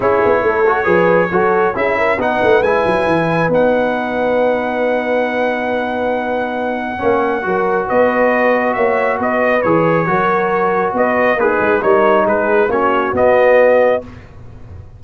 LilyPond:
<<
  \new Staff \with { instrumentName = "trumpet" } { \time 4/4 \tempo 4 = 137 cis''1 | e''4 fis''4 gis''2 | fis''1~ | fis''1~ |
fis''2 dis''2 | e''4 dis''4 cis''2~ | cis''4 dis''4 b'4 cis''4 | b'4 cis''4 dis''2 | }
  \new Staff \with { instrumentName = "horn" } { \time 4/4 gis'4 a'4 b'4 a'4 | gis'8 ais'8 b'2.~ | b'1~ | b'1 |
cis''4 ais'4 b'2 | cis''4 b'2 ais'4~ | ais'4 b'4 dis'4 ais'4 | gis'4 fis'2. | }
  \new Staff \with { instrumentName = "trombone" } { \time 4/4 e'4. fis'8 gis'4 fis'4 | e'4 dis'4 e'2 | dis'1~ | dis'1 |
cis'4 fis'2.~ | fis'2 gis'4 fis'4~ | fis'2 gis'4 dis'4~ | dis'4 cis'4 b2 | }
  \new Staff \with { instrumentName = "tuba" } { \time 4/4 cis'8 b8 a4 f4 fis4 | cis'4 b8 a8 gis8 fis8 e4 | b1~ | b1 |
ais4 fis4 b2 | ais4 b4 e4 fis4~ | fis4 b4 ais8 gis8 g4 | gis4 ais4 b2 | }
>>